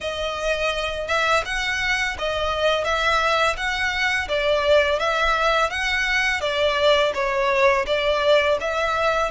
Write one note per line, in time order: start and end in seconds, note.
0.00 1.07 D#5
1.07 1.43 E5
1.45 2.16 F#5
2.18 2.84 D#5
2.84 3.56 E5
3.56 4.28 F#5
4.28 4.99 D5
4.99 5.69 E5
5.69 6.41 F#5
6.41 7.12 D5
7.14 7.85 C#5
7.86 8.57 D5
8.60 9.31 E5